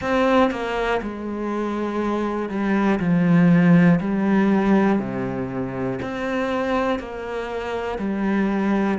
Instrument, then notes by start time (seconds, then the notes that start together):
cello
0.00 C4
0.50 A#3
1.02 G#3
2.49 G3
3.00 F3
4.00 G3
4.99 C3
6.01 C4
6.99 A#3
7.98 G3